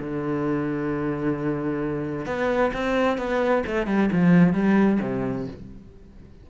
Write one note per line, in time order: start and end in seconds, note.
0.00 2.26 D3
2.26 2.72 B3
2.74 3.18 C4
3.18 3.64 B3
3.67 3.87 A3
3.87 4.10 G3
4.12 4.53 F3
4.53 4.99 G3
5.02 5.48 C3